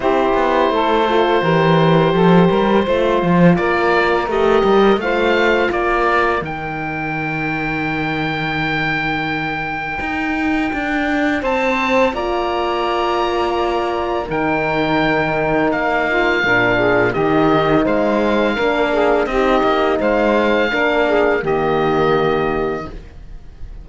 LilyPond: <<
  \new Staff \with { instrumentName = "oboe" } { \time 4/4 \tempo 4 = 84 c''1~ | c''4 d''4 dis''4 f''4 | d''4 g''2.~ | g''1 |
a''4 ais''2. | g''2 f''2 | dis''4 f''2 dis''4 | f''2 dis''2 | }
  \new Staff \with { instrumentName = "saxophone" } { \time 4/4 g'4 a'4 ais'4 a'8 ais'8 | c''4 ais'2 c''4 | ais'1~ | ais'1 |
c''4 d''2. | ais'2~ ais'8 f'8 ais'8 gis'8 | g'4 c''4 ais'8 gis'8 g'4 | c''4 ais'8 gis'8 g'2 | }
  \new Staff \with { instrumentName = "horn" } { \time 4/4 e'4. f'8 g'2 | f'2 g'4 f'4~ | f'4 dis'2.~ | dis'1~ |
dis'4 f'2. | dis'2. d'4 | dis'2 d'4 dis'4~ | dis'4 d'4 ais2 | }
  \new Staff \with { instrumentName = "cello" } { \time 4/4 c'8 b8 a4 e4 f8 g8 | a8 f8 ais4 a8 g8 a4 | ais4 dis2.~ | dis2 dis'4 d'4 |
c'4 ais2. | dis2 ais4 ais,4 | dis4 gis4 ais4 c'8 ais8 | gis4 ais4 dis2 | }
>>